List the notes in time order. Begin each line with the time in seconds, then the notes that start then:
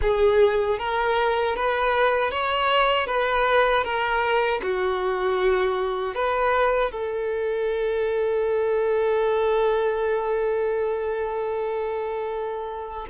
0.01 G#4
0.79 A#4
1.56 B4
2.31 C#5
3.07 B4
3.84 A#4
4.62 F#4
6.14 B4
6.91 A4